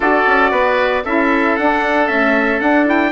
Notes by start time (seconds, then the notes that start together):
0.00 D4 F#4 A4 D5
0.26 C#4
0.51 B3 B4
1.04 C#4 E4 A4 E5
1.56 D4 F#5
2.07 A3 C#4 E5
2.60 D4 F#5
2.85 E4 G5